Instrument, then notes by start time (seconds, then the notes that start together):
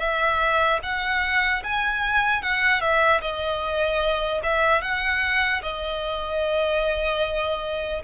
violin
0.00 E5
0.83 F#5
1.64 G#5
2.43 F#5
2.81 E5
3.21 D#5
4.43 E5
4.82 F#5
5.63 D#5